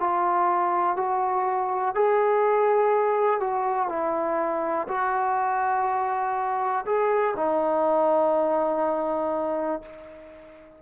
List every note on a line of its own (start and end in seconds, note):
0.00 0.97 F4
0.97 1.95 F#4
1.95 3.41 G#4
3.41 3.89 F#4
3.89 4.88 E4
4.89 6.85 F#4
6.86 7.35 G#4
7.37 9.83 D#4